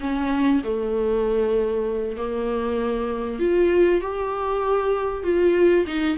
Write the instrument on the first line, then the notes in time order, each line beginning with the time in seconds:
viola
0.00 C#4
0.64 A3
2.17 A#3
3.39 F4
4.01 G4
5.23 F4
5.86 D#4